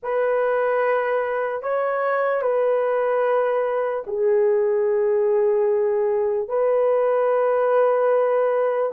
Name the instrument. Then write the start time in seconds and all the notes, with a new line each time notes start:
horn
0.02 B4
1.62 C#5
2.41 B4
4.07 G#4
6.48 B4